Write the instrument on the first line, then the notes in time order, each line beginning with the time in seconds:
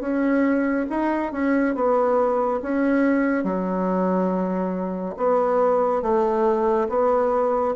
bassoon
0.00 C#4
0.90 D#4
1.32 C#4
1.75 B3
2.62 C#4
3.43 F#3
5.17 B3
6.02 A3
6.89 B3